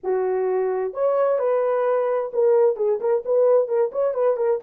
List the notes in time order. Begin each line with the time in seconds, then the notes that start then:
0.03 F#4
0.93 C#5
1.38 B4
2.33 A#4
2.76 G#4
3.00 A#4
3.25 B4
3.68 A#4
3.92 C#5
4.14 B4
4.37 A#4